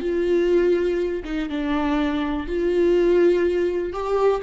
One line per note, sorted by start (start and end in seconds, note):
0.00 1.23 F4
1.25 1.49 D#4
1.49 2.47 D4
2.47 3.93 F4
3.93 4.42 G4